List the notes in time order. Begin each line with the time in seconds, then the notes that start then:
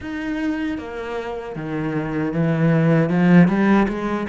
0.00 D#4
0.78 A#3
1.55 D#3
2.33 E3
3.09 F3
3.47 G3
3.88 G#3